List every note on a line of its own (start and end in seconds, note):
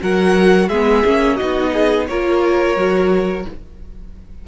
0.00 0.68 F#3
0.00 0.69 F#4
0.00 0.68 A#4
0.00 0.69 F#5
0.68 1.03 G#3
0.68 1.06 B3
0.68 1.36 G#4
0.68 1.36 E5
1.06 1.40 A#3
1.06 1.39 C#4
1.36 2.09 B3
1.36 2.08 D#4
1.36 1.70 F#4
1.36 2.05 D#5
1.73 2.07 G#4
2.07 2.76 A#3
2.07 2.77 F4
2.07 3.47 A#4
2.07 3.45 C#5
2.76 3.45 F#3
2.76 3.46 F#4